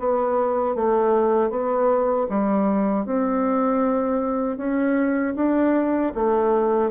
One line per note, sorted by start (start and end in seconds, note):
0.00 0.76 B3
0.76 1.50 A3
1.50 2.27 B3
2.30 3.06 G3
3.06 4.58 C4
4.58 5.35 C#4
5.36 6.13 D4
6.15 6.91 A3